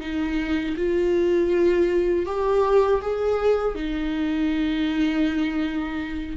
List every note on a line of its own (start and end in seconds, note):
0.00 0.75 D#4
0.76 2.26 F4
2.26 3.01 G4
3.01 3.75 G#4
3.75 6.36 D#4